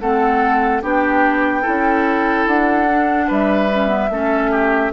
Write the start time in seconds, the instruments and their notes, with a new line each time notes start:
0.00 bassoon A3, clarinet C4, oboe A4, flute F#5
0.83 bassoon B3, clarinet D4, oboe G4, flute G5
1.62 bassoon C#4, clarinet E4, oboe A4
2.47 bassoon D4, flute F#5
2.88 clarinet D4
3.28 bassoon G3, oboe B4, flute E5
3.72 clarinet C#4
3.88 clarinet B3
4.10 bassoon A3, clarinet C#4, oboe A4
4.51 oboe G4